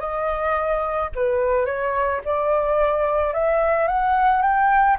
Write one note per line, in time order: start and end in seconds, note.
0.00 1.10 D#5
1.16 1.66 B4
1.66 2.21 C#5
2.25 3.34 D5
3.34 3.88 E5
3.88 4.42 F#5
4.42 4.97 G5